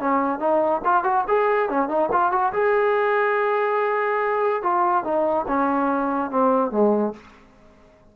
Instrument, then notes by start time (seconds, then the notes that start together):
trombone
0.00 C#4
0.40 D#4
0.85 F4
1.04 F#4
1.28 G#4
1.69 C#4
1.89 D#4
2.12 F4
2.32 F#4
2.53 G#4
4.63 F4
5.04 D#4
5.48 C#4
6.31 C4
6.71 G#3